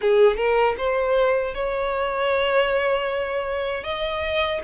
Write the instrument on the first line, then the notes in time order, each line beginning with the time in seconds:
violin
0.01 G#4
0.36 A#4
0.77 C5
1.54 C#5
3.83 D#5